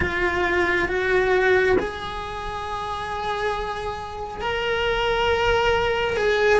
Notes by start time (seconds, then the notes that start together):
0.00 F4
0.88 F#4
1.79 G#4
4.41 A#4
6.16 G#4